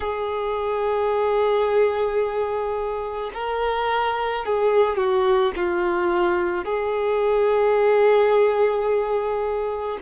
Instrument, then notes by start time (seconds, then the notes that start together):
violin
0.00 G#4
3.33 A#4
4.44 G#4
4.96 F#4
5.56 F4
6.65 G#4